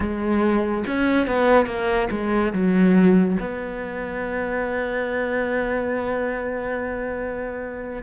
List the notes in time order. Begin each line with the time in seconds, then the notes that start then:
0.00 G#3
0.86 C#4
1.27 B3
1.66 A#3
2.10 G#3
2.52 F#3
3.39 B3